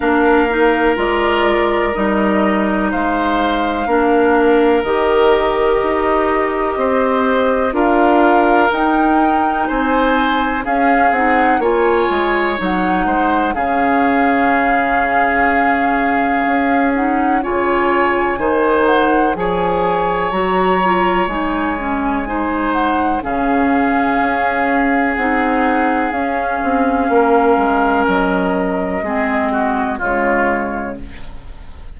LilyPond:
<<
  \new Staff \with { instrumentName = "flute" } { \time 4/4 \tempo 4 = 62 f''4 d''4 dis''4 f''4~ | f''4 dis''2. | f''4 g''4 gis''4 f''8 fis''8 | gis''4 fis''4 f''2~ |
f''4. fis''8 gis''4. fis''8 | gis''4 ais''4 gis''4. fis''8 | f''2 fis''4 f''4~ | f''4 dis''2 cis''4 | }
  \new Staff \with { instrumentName = "oboe" } { \time 4/4 ais'2. c''4 | ais'2. c''4 | ais'2 c''4 gis'4 | cis''4. c''8 gis'2~ |
gis'2 cis''4 c''4 | cis''2. c''4 | gis'1 | ais'2 gis'8 fis'8 f'4 | }
  \new Staff \with { instrumentName = "clarinet" } { \time 4/4 d'8 dis'8 f'4 dis'2 | d'4 g'2. | f'4 dis'2 cis'8 dis'8 | f'4 dis'4 cis'2~ |
cis'4. dis'8 f'4 dis'4 | gis'4 fis'8 f'8 dis'8 cis'8 dis'4 | cis'2 dis'4 cis'4~ | cis'2 c'4 gis4 | }
  \new Staff \with { instrumentName = "bassoon" } { \time 4/4 ais4 gis4 g4 gis4 | ais4 dis4 dis'4 c'4 | d'4 dis'4 c'4 cis'8 c'8 | ais8 gis8 fis8 gis8 cis2~ |
cis4 cis'4 cis4 dis4 | f4 fis4 gis2 | cis4 cis'4 c'4 cis'8 c'8 | ais8 gis8 fis4 gis4 cis4 | }
>>